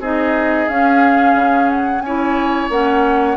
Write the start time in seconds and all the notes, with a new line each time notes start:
0.00 C4 D#4 G#4 D#5
0.69 C#4 F5
1.35 C#3
1.70 F#5
2.01 C#4 E4 C#5 G#5
2.70 A#3 C#4 F#5